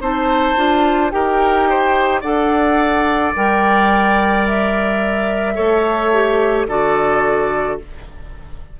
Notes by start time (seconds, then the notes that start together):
0.00 C4 D#4 C5 A5
0.56 D4 F4
1.10 D#4 G4 A#4 G5
1.69 C5
2.21 D4 A4 D5 F#5
3.36 G3 A#4 G5
4.46 E5
5.55 A3 A4 C#5
6.13 G4
6.67 D3 F#4 A4 D5